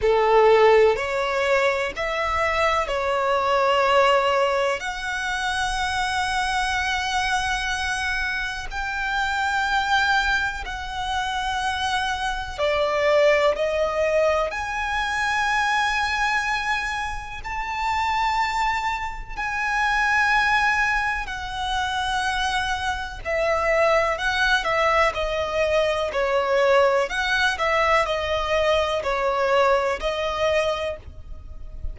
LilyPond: \new Staff \with { instrumentName = "violin" } { \time 4/4 \tempo 4 = 62 a'4 cis''4 e''4 cis''4~ | cis''4 fis''2.~ | fis''4 g''2 fis''4~ | fis''4 d''4 dis''4 gis''4~ |
gis''2 a''2 | gis''2 fis''2 | e''4 fis''8 e''8 dis''4 cis''4 | fis''8 e''8 dis''4 cis''4 dis''4 | }